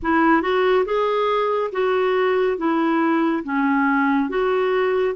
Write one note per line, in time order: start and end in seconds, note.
0.02 0.42 E4
0.42 0.85 F#4
0.85 1.70 G#4
1.72 2.57 F#4
2.57 3.43 E4
3.43 4.29 C#4
4.29 5.14 F#4